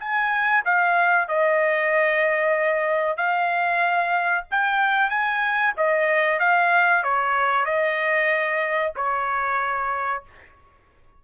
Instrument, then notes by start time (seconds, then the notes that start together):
trumpet
0.00 G#5
0.65 F5
1.29 D#5
3.17 F5
4.51 G5
5.10 G#5
5.77 D#5
6.40 F5
7.04 C#5
7.66 D#5
8.96 C#5